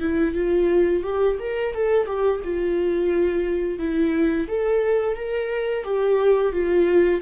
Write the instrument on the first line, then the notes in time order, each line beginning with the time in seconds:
viola
0.00 E4
0.34 F4
1.03 G4
1.39 A#4
1.74 A4
2.06 G4
2.44 F4
3.79 E4
4.48 A4
5.16 A#4
5.84 G4
6.52 F4